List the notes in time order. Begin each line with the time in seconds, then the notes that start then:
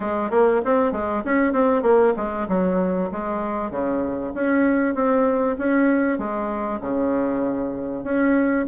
0.00 G#3
0.30 A#3
0.64 C4
0.92 G#3
1.24 C#4
1.52 C4
1.82 A#3
2.16 G#3
2.48 F#3
3.11 G#3
3.70 C#3
4.34 C#4
4.94 C4
5.58 C#4
6.18 G#3
6.80 C#3
8.04 C#4